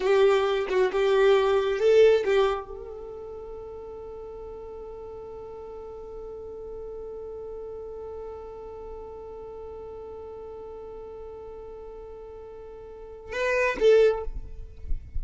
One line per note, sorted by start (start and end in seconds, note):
0.00 0.67 G4
0.69 0.91 F#4
0.92 1.79 G4
1.79 2.23 A4
2.24 2.67 G4
2.67 13.32 A4
13.32 13.77 B4
13.79 14.23 A4